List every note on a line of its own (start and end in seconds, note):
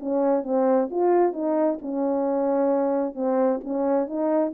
0.00 0.43 C#4
0.43 0.89 C4
0.91 1.33 F4
1.33 1.79 D#4
1.82 3.15 C#4
3.15 3.60 C4
3.64 4.07 C#4
4.07 4.52 D#4